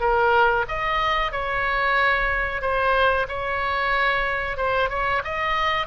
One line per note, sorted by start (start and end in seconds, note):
0.00 0.65 A#4
0.68 1.31 D#5
1.31 2.61 C#5
2.61 3.26 C5
3.28 4.57 C#5
4.57 4.89 C5
4.89 5.22 C#5
5.24 5.86 D#5